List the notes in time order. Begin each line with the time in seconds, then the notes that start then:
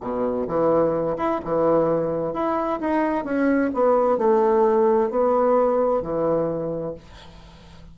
0.00 B2
0.47 E3
1.17 E4
1.44 E3
2.33 E4
2.80 D#4
3.24 C#4
3.73 B3
4.17 A3
5.10 B3
6.01 E3